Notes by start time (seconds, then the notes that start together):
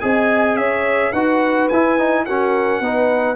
0.00 C4 G#4 D#5 G#5
0.55 C#4 C#5 E5
1.11 D#4 F#4 B4 F#5
1.68 E4 G#5
1.98 D#4
2.25 C#4 F#4 A#4 F#5
2.80 B3 D#4 B4